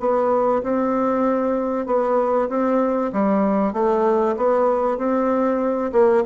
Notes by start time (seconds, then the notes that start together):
0.00 B3
0.63 C4
1.87 B3
2.49 C4
3.13 G3
3.73 A3
4.37 B3
4.98 C4
5.93 A#3